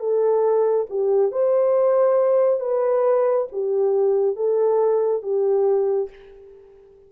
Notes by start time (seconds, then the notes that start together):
0.00 A4
0.90 G4
1.32 C5
2.60 B4
3.53 G4
4.36 A4
5.23 G4